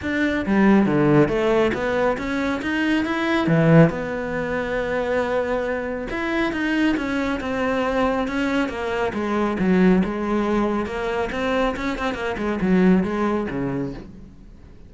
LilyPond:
\new Staff \with { instrumentName = "cello" } { \time 4/4 \tempo 4 = 138 d'4 g4 d4 a4 | b4 cis'4 dis'4 e'4 | e4 b2.~ | b2 e'4 dis'4 |
cis'4 c'2 cis'4 | ais4 gis4 fis4 gis4~ | gis4 ais4 c'4 cis'8 c'8 | ais8 gis8 fis4 gis4 cis4 | }